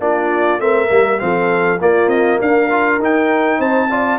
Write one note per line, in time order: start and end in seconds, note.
0.00 0.59 A#3
0.00 0.60 D4
0.00 0.62 F4
0.00 0.61 D5
0.59 0.89 A3
0.59 0.88 C4
0.59 1.22 A#4
0.59 1.20 E5
0.88 1.20 G3
0.88 1.18 A#3
1.18 1.81 F3
1.18 1.78 C4
1.18 1.81 A4
1.18 1.80 F5
1.81 2.07 A#3
1.81 2.70 A#3
1.81 2.40 F4
1.81 2.09 D5
2.07 2.37 C4
2.07 2.39 D#5
2.40 2.98 D4
2.40 3.59 A#4
2.40 3.02 F5
2.70 3.00 F4
2.98 3.58 D#4
2.98 3.90 D#4
2.98 3.61 G5
3.59 4.19 C4
3.59 3.89 C5
3.59 4.19 A5
3.90 4.19 F4
3.90 4.19 D5